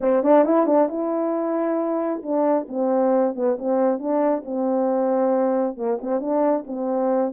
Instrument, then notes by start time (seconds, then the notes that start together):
horn
0.01 C4
0.23 D4
0.44 E4
0.66 D4
0.88 E4
2.22 D4
2.68 C4
3.35 B3
3.58 C4
3.98 D4
4.45 C4
5.76 A#3
6.01 C4
6.20 D4
6.66 C4